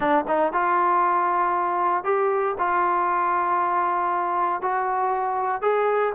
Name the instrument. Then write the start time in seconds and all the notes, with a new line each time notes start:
trombone
0.00 D4
0.27 D#4
0.52 F4
2.04 G4
2.58 F4
4.61 F#4
5.61 G#4